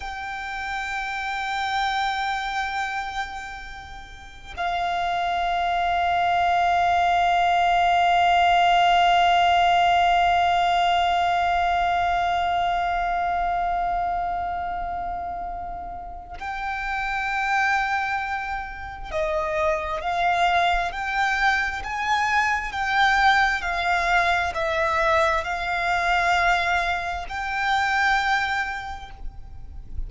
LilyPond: \new Staff \with { instrumentName = "violin" } { \time 4/4 \tempo 4 = 66 g''1~ | g''4 f''2.~ | f''1~ | f''1~ |
f''2 g''2~ | g''4 dis''4 f''4 g''4 | gis''4 g''4 f''4 e''4 | f''2 g''2 | }